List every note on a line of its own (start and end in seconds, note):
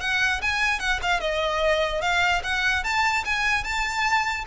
0.00 0.41 F#5
0.41 0.79 G#5
0.79 0.99 F#5
1.02 1.20 F5
1.20 2.01 D#5
2.01 2.42 F5
2.43 2.84 F#5
2.84 3.24 A5
3.25 3.63 G#5
3.63 4.44 A5